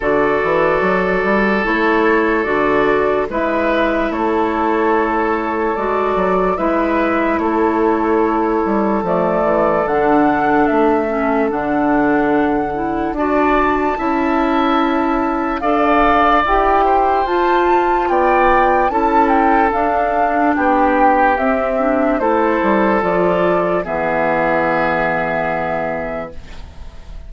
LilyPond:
<<
  \new Staff \with { instrumentName = "flute" } { \time 4/4 \tempo 4 = 73 d''2 cis''4 d''4 | e''4 cis''2 d''4 | e''4 cis''2 d''4 | fis''4 e''4 fis''2 |
a''2. f''4 | g''4 a''4 g''4 a''8 g''8 | f''4 g''4 e''4 c''4 | d''4 e''2. | }
  \new Staff \with { instrumentName = "oboe" } { \time 4/4 a'1 | b'4 a'2. | b'4 a'2.~ | a'1 |
d''4 e''2 d''4~ | d''8 c''4. d''4 a'4~ | a'4 g'2 a'4~ | a'4 gis'2. | }
  \new Staff \with { instrumentName = "clarinet" } { \time 4/4 fis'2 e'4 fis'4 | e'2. fis'4 | e'2. a4 | d'4. cis'8 d'4. e'8 |
fis'4 e'2 a'4 | g'4 f'2 e'4 | d'2 c'8 d'8 e'4 | f'4 b2. | }
  \new Staff \with { instrumentName = "bassoon" } { \time 4/4 d8 e8 fis8 g8 a4 d4 | gis4 a2 gis8 fis8 | gis4 a4. g8 f8 e8 | d4 a4 d2 |
d'4 cis'2 d'4 | e'4 f'4 b4 cis'4 | d'4 b4 c'4 a8 g8 | f4 e2. | }
>>